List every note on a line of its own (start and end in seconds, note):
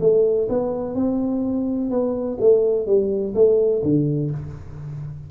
0.00 0.48 A3
0.49 0.95 B3
0.95 1.90 C4
1.90 2.38 B3
2.40 2.86 A3
2.86 3.34 G3
3.35 3.82 A3
3.83 4.31 D3